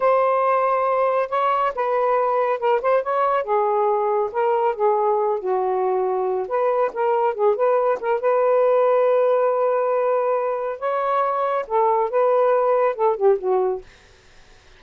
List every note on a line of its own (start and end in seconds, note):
0.00 1.29 C5
1.29 1.72 C#5
1.75 2.59 B4
2.59 2.80 A#4
2.81 3.03 C5
3.03 3.43 C#5
3.43 4.29 G#4
4.31 4.75 A#4
4.75 5.39 G#4
5.39 6.47 F#4
6.48 6.91 B4
6.93 7.34 A#4
7.34 7.55 G#4
7.55 7.98 B4
8.00 8.20 A#4
8.20 10.79 B4
10.79 11.65 C#5
11.67 12.10 A4
12.10 12.95 B4
12.95 13.16 A4
13.16 13.38 G4
13.38 13.81 F#4